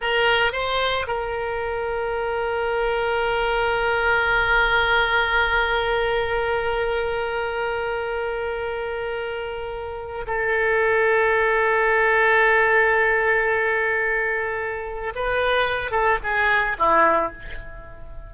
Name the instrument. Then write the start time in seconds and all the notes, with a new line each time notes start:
oboe
0.01 A#4
0.52 C5
1.07 A#4
10.26 A4
15.15 B4
15.91 A4
16.23 G#4
16.78 E4